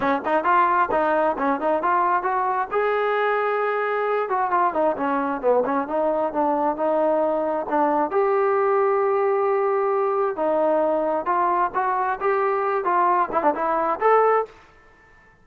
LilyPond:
\new Staff \with { instrumentName = "trombone" } { \time 4/4 \tempo 4 = 133 cis'8 dis'8 f'4 dis'4 cis'8 dis'8 | f'4 fis'4 gis'2~ | gis'4. fis'8 f'8 dis'8 cis'4 | b8 cis'8 dis'4 d'4 dis'4~ |
dis'4 d'4 g'2~ | g'2. dis'4~ | dis'4 f'4 fis'4 g'4~ | g'8 f'4 e'16 d'16 e'4 a'4 | }